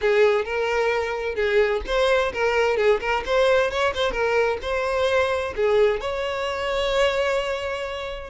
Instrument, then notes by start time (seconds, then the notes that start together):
violin
0.01 G#4
0.44 A#4
1.35 G#4
1.86 C5
2.32 A#4
2.76 G#4
3.00 A#4
3.25 C5
3.70 C#5
3.94 C5
4.11 A#4
4.62 C5
5.56 G#4
6.00 C#5